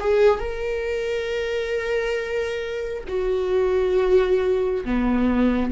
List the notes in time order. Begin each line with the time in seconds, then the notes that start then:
0.00 G#4
0.39 A#4
3.08 F#4
4.85 B3